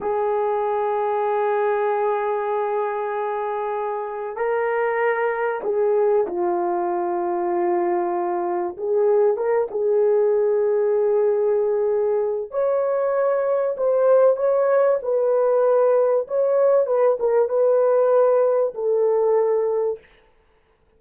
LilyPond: \new Staff \with { instrumentName = "horn" } { \time 4/4 \tempo 4 = 96 gis'1~ | gis'2. ais'4~ | ais'4 gis'4 f'2~ | f'2 gis'4 ais'8 gis'8~ |
gis'1 | cis''2 c''4 cis''4 | b'2 cis''4 b'8 ais'8 | b'2 a'2 | }